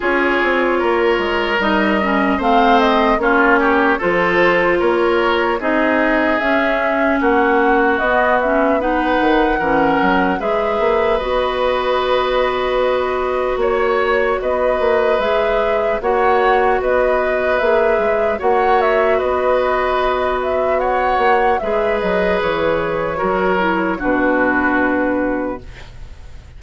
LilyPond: <<
  \new Staff \with { instrumentName = "flute" } { \time 4/4 \tempo 4 = 75 cis''2 dis''4 f''8 dis''8 | cis''4 c''4 cis''4 dis''4 | e''4 fis''4 dis''8 e''8 fis''4~ | fis''4 e''4 dis''2~ |
dis''4 cis''4 dis''4 e''4 | fis''4 dis''4 e''4 fis''8 e''8 | dis''4. e''8 fis''4 e''8 dis''8 | cis''2 b'2 | }
  \new Staff \with { instrumentName = "oboe" } { \time 4/4 gis'4 ais'2 c''4 | f'8 g'8 a'4 ais'4 gis'4~ | gis'4 fis'2 b'4 | ais'4 b'2.~ |
b'4 cis''4 b'2 | cis''4 b'2 cis''4 | b'2 cis''4 b'4~ | b'4 ais'4 fis'2 | }
  \new Staff \with { instrumentName = "clarinet" } { \time 4/4 f'2 dis'8 cis'8 c'4 | cis'4 f'2 dis'4 | cis'2 b8 cis'8 dis'4 | cis'4 gis'4 fis'2~ |
fis'2. gis'4 | fis'2 gis'4 fis'4~ | fis'2. gis'4~ | gis'4 fis'8 e'8 d'2 | }
  \new Staff \with { instrumentName = "bassoon" } { \time 4/4 cis'8 c'8 ais8 gis8 g4 a4 | ais4 f4 ais4 c'4 | cis'4 ais4 b4. dis8 | e8 fis8 gis8 ais8 b2~ |
b4 ais4 b8 ais8 gis4 | ais4 b4 ais8 gis8 ais4 | b2~ b8 ais8 gis8 fis8 | e4 fis4 b,2 | }
>>